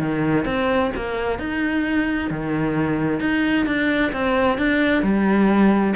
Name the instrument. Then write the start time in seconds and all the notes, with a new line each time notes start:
cello
0.00 D#3
0.45 C4
0.96 A#3
1.39 D#4
2.31 D#3
3.20 D#4
3.66 D4
4.13 C4
4.58 D4
5.03 G3